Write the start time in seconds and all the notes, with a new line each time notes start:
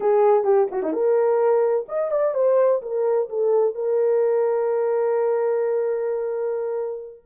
0.00 G#4
0.44 G4
0.71 F#4
0.82 D#4
0.92 A#4
1.88 D#5
2.11 D5
2.34 C5
2.81 A#4
3.29 A4
3.75 A#4